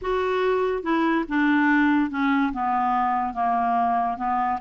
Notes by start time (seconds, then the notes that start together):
0.01 F#4
0.82 E4
1.28 D4
2.10 C#4
2.52 B3
3.33 A#3
4.17 B3